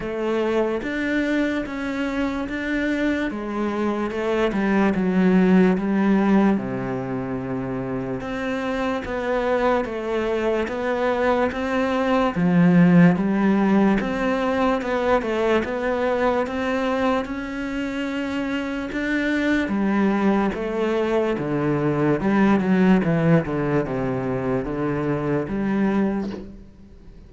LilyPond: \new Staff \with { instrumentName = "cello" } { \time 4/4 \tempo 4 = 73 a4 d'4 cis'4 d'4 | gis4 a8 g8 fis4 g4 | c2 c'4 b4 | a4 b4 c'4 f4 |
g4 c'4 b8 a8 b4 | c'4 cis'2 d'4 | g4 a4 d4 g8 fis8 | e8 d8 c4 d4 g4 | }